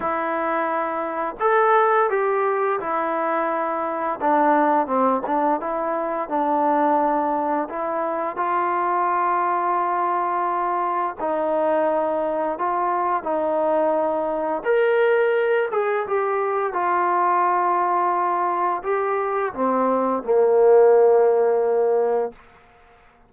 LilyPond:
\new Staff \with { instrumentName = "trombone" } { \time 4/4 \tempo 4 = 86 e'2 a'4 g'4 | e'2 d'4 c'8 d'8 | e'4 d'2 e'4 | f'1 |
dis'2 f'4 dis'4~ | dis'4 ais'4. gis'8 g'4 | f'2. g'4 | c'4 ais2. | }